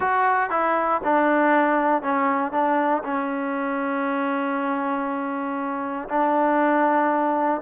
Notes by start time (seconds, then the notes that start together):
0.00 F#4
0.50 E4
1.04 D4
2.02 C#4
2.52 D4
3.03 C#4
6.08 D4